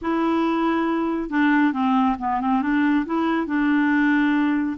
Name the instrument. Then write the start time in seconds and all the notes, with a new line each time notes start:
clarinet
0.01 E4
1.29 D4
1.73 C4
2.19 B3
2.40 C4
2.61 D4
3.05 E4
3.46 D4